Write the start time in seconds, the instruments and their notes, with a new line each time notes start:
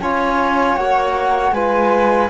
0.00 cello C#4, trombone F4, violin C#5, flute G#5
0.76 cello A#3, trombone F#4, flute F#5
1.51 cello G#3, trombone F4, violin B4, flute G#5